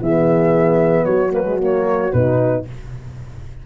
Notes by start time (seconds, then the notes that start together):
0.00 E3 B3 G#4 E5
1.05 F#3 F#4 C#5
1.30 A#3 B4
1.44 G#3
1.60 A#3 C#5
2.12 B2 D#4 B4